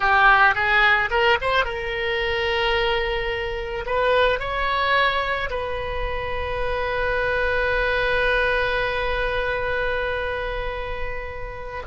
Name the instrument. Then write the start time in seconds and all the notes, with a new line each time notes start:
oboe
0.00 G4
0.54 G#4
1.10 A#4
1.41 C5
1.64 A#4
3.86 B4
4.39 C#5
5.49 B4